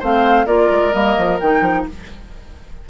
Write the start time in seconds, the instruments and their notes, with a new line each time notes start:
0.00 bassoon A3, clarinet C4, oboe C5, flute F5
0.46 bassoon A#3, clarinet F4, oboe A#4, flute D5
0.71 bassoon G#3
0.92 bassoon G3, clarinet A#3, flute D#5
1.18 bassoon F3
1.40 bassoon D#3, clarinet D#4, flute G5
1.62 bassoon F3